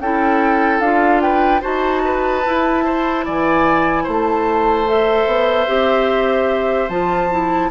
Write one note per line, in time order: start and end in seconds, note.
0.00 0.80 C#4
0.00 0.83 E4
0.00 1.23 A4
0.00 0.80 G5
0.80 1.61 D4
0.80 1.61 F4
0.80 1.21 F5
1.21 1.61 B4
1.21 1.62 G5
1.61 2.46 D#4
1.61 2.42 F#4
1.61 2.02 C5
1.61 3.26 A5
2.05 2.85 B4
2.45 4.86 E4
2.45 3.27 E4
2.85 3.25 C5
3.25 4.08 E3
3.25 4.04 D5
3.25 4.07 G#5
4.04 5.26 A3
4.04 7.69 C5
4.04 4.88 A5
4.86 5.67 A4
4.86 6.89 E5
5.26 5.67 B3
5.68 6.89 C4
5.68 6.89 G4
6.89 7.70 F3
6.89 7.31 F4
6.89 7.70 A5
7.31 7.71 E4